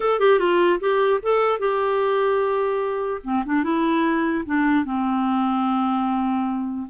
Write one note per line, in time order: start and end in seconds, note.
0.00 0.19 A4
0.19 0.39 G4
0.39 0.79 F4
0.79 1.20 G4
1.22 1.59 A4
1.59 3.21 G4
3.23 3.43 C4
3.45 3.63 D4
3.63 4.44 E4
4.45 4.84 D4
4.84 6.87 C4